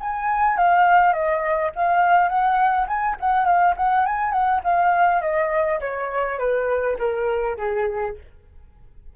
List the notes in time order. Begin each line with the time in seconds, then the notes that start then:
0.00 G#5
0.57 F5
1.13 D#5
1.75 F5
2.28 F#5
2.87 G#5
3.20 F#5
3.45 F5
3.76 F#5
4.05 G#5
4.32 F#5
4.64 F5
5.21 D#5
5.80 C#5
6.38 B4
6.98 A#4
7.57 G#4